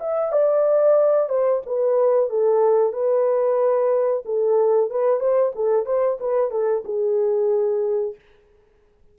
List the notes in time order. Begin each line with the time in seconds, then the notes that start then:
0.00 E5
0.32 D5
1.29 C5
1.66 B4
2.29 A4
2.93 B4
4.25 A4
4.90 B4
5.20 C5
5.55 A4
5.85 C5
6.20 B4
6.51 A4
6.85 G#4